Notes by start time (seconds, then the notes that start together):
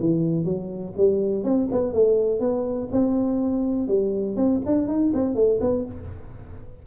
0.00 E3
0.45 F#3
0.97 G3
1.44 C4
1.72 B3
1.93 A3
2.40 B3
2.92 C4
3.88 G3
4.37 C4
4.66 D4
4.88 D#4
5.14 C4
5.35 A3
5.61 B3